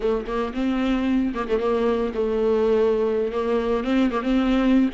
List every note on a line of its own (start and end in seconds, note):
0.00 0.25 A3
0.26 0.53 A#3
0.53 1.33 C4
1.34 1.47 A#3
1.48 1.59 A3
1.59 2.12 A#3
2.14 3.32 A3
3.32 3.84 A#3
3.84 4.10 C4
4.10 4.22 A#3
4.22 4.89 C4